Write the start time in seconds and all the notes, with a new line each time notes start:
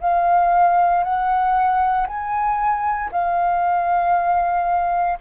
0.00 F5
1.03 F#5
2.07 G#5
3.11 F5